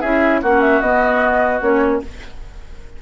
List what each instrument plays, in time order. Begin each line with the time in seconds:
0.00 bassoon C#4, clarinet E4, oboe G#4, flute E5
0.41 bassoon A#3, clarinet C#4, oboe F#4, flute F#5
0.60 flute E5
0.80 bassoon B3, clarinet B3, flute D#5
1.61 bassoon A#3, clarinet C#4, flute C#5